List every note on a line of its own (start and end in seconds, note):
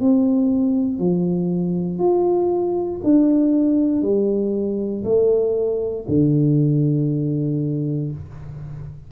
0.00 0.99 C4
0.99 1.99 F3
1.99 3.01 F4
3.04 4.02 D4
4.02 5.04 G3
5.04 6.06 A3
6.08 8.12 D3